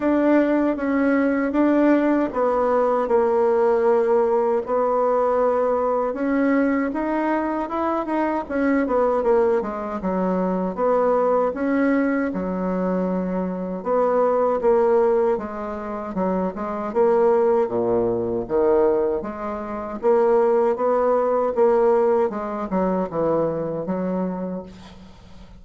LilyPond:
\new Staff \with { instrumentName = "bassoon" } { \time 4/4 \tempo 4 = 78 d'4 cis'4 d'4 b4 | ais2 b2 | cis'4 dis'4 e'8 dis'8 cis'8 b8 | ais8 gis8 fis4 b4 cis'4 |
fis2 b4 ais4 | gis4 fis8 gis8 ais4 ais,4 | dis4 gis4 ais4 b4 | ais4 gis8 fis8 e4 fis4 | }